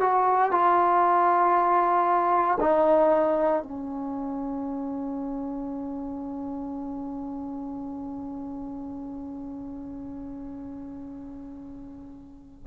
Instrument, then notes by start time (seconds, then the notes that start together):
trombone
0.00 F#4
0.51 F4
2.60 D#4
3.62 C#4